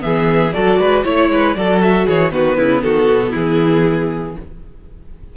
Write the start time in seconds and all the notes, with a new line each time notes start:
0.00 E3 B3 G#4 E5
0.53 F#3 F#4 A4 D5
0.79 G#3 B4
1.03 A3 E4 C#5
1.30 G#3 B4
1.54 F#3 F#4 A4 D5
1.82 E5
2.06 E3 G#4 C#5
2.31 D#3 B3 F#4 B4
2.57 C#3 E4
2.82 D#3 F#4 A4
3.07 B2
3.30 E3 E4 G#4